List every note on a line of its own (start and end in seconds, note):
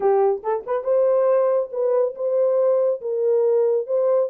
0.00 0.41 G4
0.43 0.64 A4
0.66 0.84 B4
0.84 1.69 C5
1.72 2.14 B4
2.15 3.00 C5
3.01 3.86 A#4
3.86 4.29 C5